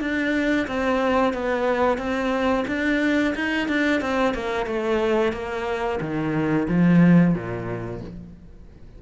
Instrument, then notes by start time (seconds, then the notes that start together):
cello
0.00 D4
0.67 C4
1.33 B3
1.98 C4
2.67 D4
3.35 D#4
3.68 D4
4.01 C4
4.34 A#3
4.65 A3
5.32 A#3
6.00 D#3
6.68 F3
7.34 A#2